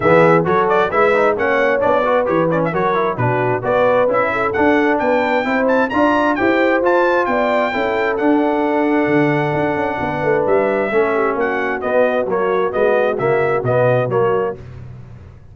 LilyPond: <<
  \new Staff \with { instrumentName = "trumpet" } { \time 4/4 \tempo 4 = 132 e''4 cis''8 d''8 e''4 fis''4 | d''4 cis''8 d''16 e''16 cis''4 b'4 | d''4 e''4 fis''4 g''4~ | g''8 a''8 ais''4 g''4 a''4 |
g''2 fis''2~ | fis''2. e''4~ | e''4 fis''4 dis''4 cis''4 | dis''4 e''4 dis''4 cis''4 | }
  \new Staff \with { instrumentName = "horn" } { \time 4/4 gis'4 a'4 b'4 cis''4~ | cis''8 b'4. ais'4 fis'4 | b'4. a'4. b'4 | c''4 d''4 c''2 |
d''4 a'2.~ | a'2 b'2 | a'8 g'8 fis'2.~ | fis'1 | }
  \new Staff \with { instrumentName = "trombone" } { \time 4/4 b4 fis'4 e'8 dis'8 cis'4 | d'8 fis'8 g'8 cis'8 fis'8 e'8 d'4 | fis'4 e'4 d'2 | e'4 f'4 g'4 f'4~ |
f'4 e'4 d'2~ | d'1 | cis'2 b4 ais4 | b4 ais4 b4 ais4 | }
  \new Staff \with { instrumentName = "tuba" } { \time 4/4 e4 fis4 gis4 ais4 | b4 e4 fis4 b,4 | b4 cis'4 d'4 b4 | c'4 d'4 e'4 f'4 |
b4 cis'4 d'2 | d4 d'8 cis'8 b8 a8 g4 | a4 ais4 b4 fis4 | gis4 cis4 b,4 fis4 | }
>>